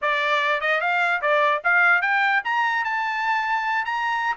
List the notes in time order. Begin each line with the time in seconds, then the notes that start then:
0.01 D5
0.60 D#5
0.80 F5
1.21 D5
1.64 F5
2.01 G5
2.44 A#5
2.84 A5
3.85 A#5